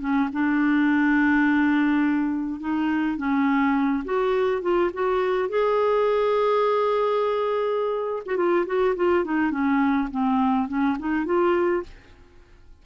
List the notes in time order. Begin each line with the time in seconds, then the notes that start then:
0.00 C#4
0.32 D4
2.60 D#4
3.17 C#4
4.04 F#4
4.61 F4
4.93 F#4
5.49 G#4
8.25 F#4
8.36 F4
8.66 F#4
8.95 F4
9.24 D#4
9.51 C#4
10.11 C4
10.68 C#4
10.99 D#4
11.25 F4